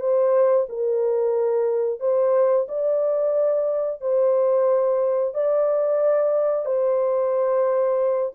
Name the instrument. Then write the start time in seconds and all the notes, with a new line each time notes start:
horn
0.00 C5
0.69 A#4
2.00 C5
2.68 D5
4.01 C5
5.34 D5
6.65 C5